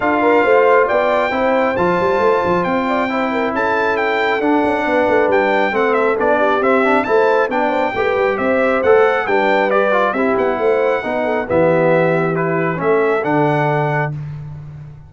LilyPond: <<
  \new Staff \with { instrumentName = "trumpet" } { \time 4/4 \tempo 4 = 136 f''2 g''2 | a''2 g''2 | a''4 g''4 fis''2 | g''4 fis''8 e''8 d''4 e''4 |
a''4 g''2 e''4 | fis''4 g''4 d''4 e''8 fis''8~ | fis''2 e''2 | b'4 e''4 fis''2 | }
  \new Staff \with { instrumentName = "horn" } { \time 4/4 a'8 ais'8 c''4 d''4 c''4~ | c''2~ c''8 d''8 c''8 ais'8 | a'2. b'4~ | b'4 a'4. g'4. |
c''4 d''8 c''8 b'4 c''4~ | c''4 b'2 g'4 | c''4 b'8 a'8 g'2~ | g'4 a'2. | }
  \new Staff \with { instrumentName = "trombone" } { \time 4/4 f'2. e'4 | f'2. e'4~ | e'2 d'2~ | d'4 c'4 d'4 c'8 d'8 |
e'4 d'4 g'2 | a'4 d'4 g'8 f'8 e'4~ | e'4 dis'4 b2 | e'4 cis'4 d'2 | }
  \new Staff \with { instrumentName = "tuba" } { \time 4/4 d'4 a4 b4 c'4 | f8 g8 a8 f8 c'2 | cis'2 d'8 cis'8 b8 a8 | g4 a4 b4 c'4 |
a4 b4 a8 g8 c'4 | a4 g2 c'8 b8 | a4 b4 e2~ | e4 a4 d2 | }
>>